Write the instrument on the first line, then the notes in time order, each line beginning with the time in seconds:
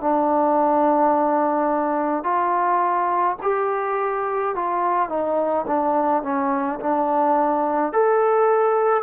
trombone
0.00 D4
2.23 F4
3.42 G4
4.55 F4
5.09 D#4
5.67 D4
6.23 C#4
6.80 D4
7.93 A4